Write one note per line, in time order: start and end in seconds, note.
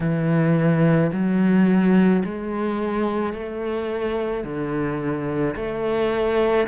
0.00 1.11 E3
1.12 2.23 F#3
2.25 3.33 G#3
3.33 4.43 A3
4.43 5.55 D3
5.56 6.67 A3